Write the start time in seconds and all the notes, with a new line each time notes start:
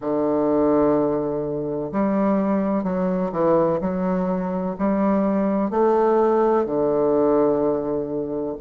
0.00 D3
1.92 G3
2.83 F#3
3.32 E3
3.81 F#3
4.78 G3
5.70 A3
6.65 D3